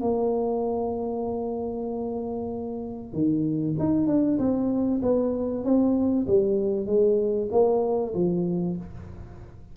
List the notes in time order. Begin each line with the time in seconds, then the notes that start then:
0.00 A#3
3.12 D#3
3.79 D#4
4.07 D4
4.38 C4
5.02 B3
5.64 C4
6.27 G3
6.86 G#3
7.51 A#3
8.14 F3